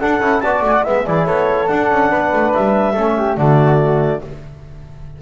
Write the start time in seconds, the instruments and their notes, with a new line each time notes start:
0.00 trombone D4, double bass D4, flute A4, clarinet F#5
0.20 double bass C#4, trombone E4
0.41 double bass B3, trombone F#4, flute D5, clarinet A5
0.61 double bass A3, clarinet G#5
0.73 clarinet F#5
0.84 double bass G#3, trombone B3, flute E5, clarinet E5
1.06 double bass E3, trombone E4, flute G#4, clarinet D5
1.26 double bass B3, flute A4, clarinet C#5
1.68 trombone D4, double bass D4, clarinet F#5
1.91 double bass C#4
2.10 double bass B3, flute B4
2.33 double bass A3
2.54 double bass G3, clarinet E5
2.92 double bass A3, trombone C#4, flute A4
3.17 flute G4
3.37 double bass D3, trombone A3, flute F#4, clarinet D5